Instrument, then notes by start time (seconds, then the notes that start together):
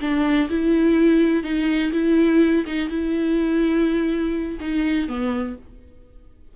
viola
0.00 D4
0.49 E4
1.43 D#4
1.92 E4
2.66 D#4
2.89 E4
4.60 D#4
5.08 B3